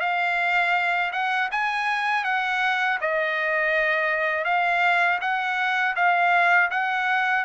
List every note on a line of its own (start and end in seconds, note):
0.00 1.11 F5
1.12 1.49 F#5
1.52 2.24 G#5
2.24 2.98 F#5
3.01 4.45 D#5
4.45 5.19 F5
5.21 5.95 F#5
5.96 6.70 F5
6.71 7.44 F#5